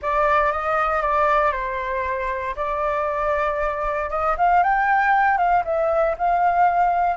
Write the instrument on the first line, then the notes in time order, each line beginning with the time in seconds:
flute
0.01 D5
0.52 D#5
1.02 D5
1.52 C5
2.56 D5
4.09 D#5
4.37 F5
4.63 G5
5.37 F5
5.64 E5
6.17 F5